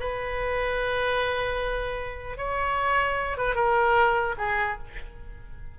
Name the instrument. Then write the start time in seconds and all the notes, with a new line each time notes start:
oboe
0.00 B4
2.38 C#5
3.38 B4
3.55 A#4
4.38 G#4